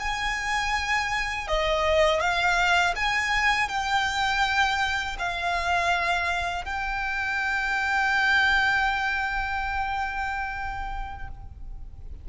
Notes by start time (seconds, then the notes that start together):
0.00 G#5
1.48 D#5
2.21 F5
2.96 G#5
3.69 G5
5.20 F5
6.65 G5